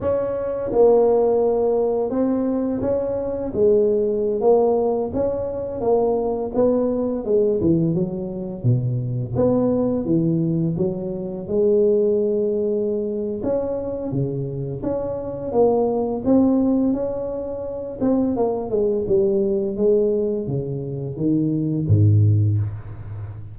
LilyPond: \new Staff \with { instrumentName = "tuba" } { \time 4/4 \tempo 4 = 85 cis'4 ais2 c'4 | cis'4 gis4~ gis16 ais4 cis'8.~ | cis'16 ais4 b4 gis8 e8 fis8.~ | fis16 b,4 b4 e4 fis8.~ |
fis16 gis2~ gis8. cis'4 | cis4 cis'4 ais4 c'4 | cis'4. c'8 ais8 gis8 g4 | gis4 cis4 dis4 gis,4 | }